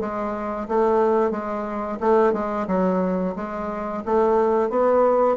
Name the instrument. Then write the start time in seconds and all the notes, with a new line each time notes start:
bassoon
0.00 G#3
0.68 A3
1.31 G#3
2.00 A3
2.33 G#3
2.67 F#3
3.36 G#3
4.05 A3
4.70 B3